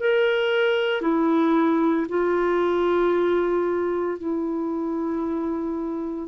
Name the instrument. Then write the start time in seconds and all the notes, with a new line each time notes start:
clarinet
0.00 A#4
1.01 E4
2.09 F4
4.19 E4